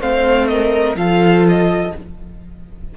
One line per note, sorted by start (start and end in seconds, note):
0.00 0.95 A3
0.00 0.96 C4
0.00 0.49 C5
0.00 0.48 F5
0.48 0.97 A#4
0.48 0.96 D#5
0.95 1.92 F3
0.95 1.92 F4
0.95 1.94 A4
0.95 1.45 F5
1.48 1.97 D#5